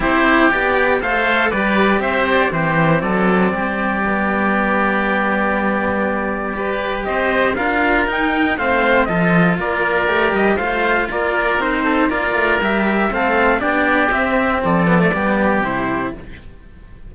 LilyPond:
<<
  \new Staff \with { instrumentName = "trumpet" } { \time 4/4 \tempo 4 = 119 c''4 d''4 f''4 d''4 | e''8 d''8 c''4 d''2~ | d''1~ | d''2 dis''4 f''4 |
g''4 f''4 dis''4 d''4~ | d''8 dis''8 f''4 d''4 c''4 | d''4 e''4 f''4 d''4 | e''4 d''2 c''4 | }
  \new Staff \with { instrumentName = "oboe" } { \time 4/4 g'2 c''4 b'4 | c''4 g'4 a'4 g'4~ | g'1~ | g'4 b'4 c''4 ais'4~ |
ais'4 c''4 a'4 ais'4~ | ais'4 c''4 ais'4. a'8 | ais'2 a'4 g'4~ | g'4 a'4 g'2 | }
  \new Staff \with { instrumentName = "cello" } { \time 4/4 e'4 g'4 a'4 g'4~ | g'4 c'2. | b1~ | b4 g'2 f'4 |
dis'4 c'4 f'2 | g'4 f'2 dis'4 | f'4 g'4 c'4 d'4 | c'4. b16 a16 b4 e'4 | }
  \new Staff \with { instrumentName = "cello" } { \time 4/4 c'4 b4 a4 g4 | c'4 e4 fis4 g4~ | g1~ | g2 c'4 d'4 |
dis'4 a4 f4 ais4 | a8 g8 a4 ais4 c'4 | ais8 a8 g4 a4 b4 | c'4 f4 g4 c4 | }
>>